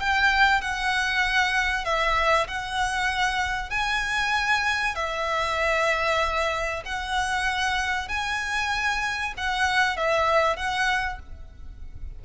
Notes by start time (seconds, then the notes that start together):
0.00 G5
0.61 F#5
1.85 E5
2.48 F#5
3.70 G#5
4.95 E5
6.86 F#5
8.09 G#5
9.38 F#5
9.97 E5
10.57 F#5